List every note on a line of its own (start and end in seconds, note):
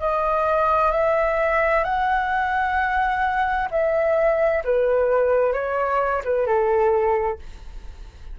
0.00 0.91 D#5
0.91 1.84 E5
1.84 3.68 F#5
3.71 4.63 E5
4.64 5.53 B4
5.53 6.22 C#5
6.24 6.46 B4
6.46 7.38 A4